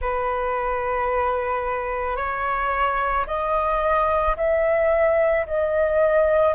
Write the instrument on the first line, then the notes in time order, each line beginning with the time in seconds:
flute
0.00 B4
2.16 C#5
3.26 D#5
4.36 E5
5.46 D#5